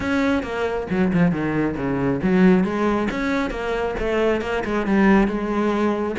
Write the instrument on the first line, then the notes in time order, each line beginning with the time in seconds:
cello
0.00 C#4
0.43 A#3
0.90 F#3
1.13 F3
1.31 D#3
1.76 C#3
2.22 F#3
2.64 G#3
3.11 C#4
3.50 A#3
3.99 A3
4.41 A#3
4.64 G#3
4.86 G3
5.27 G#3